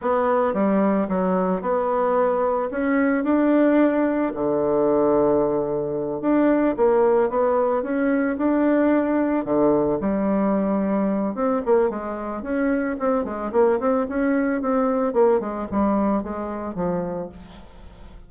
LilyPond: \new Staff \with { instrumentName = "bassoon" } { \time 4/4 \tempo 4 = 111 b4 g4 fis4 b4~ | b4 cis'4 d'2 | d2.~ d8 d'8~ | d'8 ais4 b4 cis'4 d'8~ |
d'4. d4 g4.~ | g4 c'8 ais8 gis4 cis'4 | c'8 gis8 ais8 c'8 cis'4 c'4 | ais8 gis8 g4 gis4 f4 | }